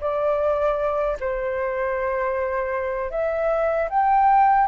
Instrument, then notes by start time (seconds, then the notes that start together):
flute
0.00 D5
1.20 C5
3.11 E5
3.90 G5